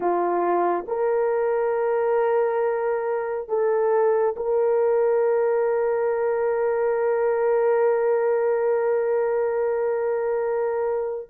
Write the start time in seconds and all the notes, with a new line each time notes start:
0.00 F4
0.87 A#4
3.48 A4
4.36 A#4